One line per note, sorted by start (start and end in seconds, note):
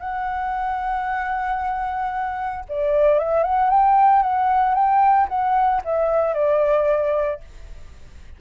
0.00 2.65 F#5
2.69 3.19 D5
3.19 3.44 E5
3.44 3.70 F#5
3.70 4.23 G5
4.23 4.75 F#5
4.75 5.28 G5
5.29 5.82 F#5
5.85 6.35 E5
6.35 7.41 D5